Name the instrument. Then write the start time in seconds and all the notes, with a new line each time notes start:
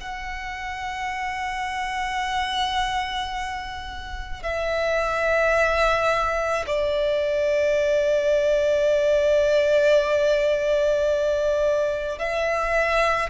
violin
0.00 F#5
4.42 E5
6.67 D5
12.18 E5